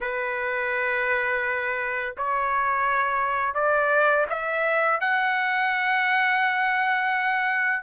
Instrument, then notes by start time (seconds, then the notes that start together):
trumpet
0.01 B4
2.17 C#5
3.54 D5
4.29 E5
5.00 F#5